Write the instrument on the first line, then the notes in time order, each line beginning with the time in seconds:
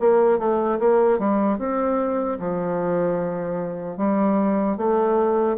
bassoon
0.00 A#3
0.39 A3
0.80 A#3
1.19 G3
1.59 C4
2.40 F3
3.97 G3
4.77 A3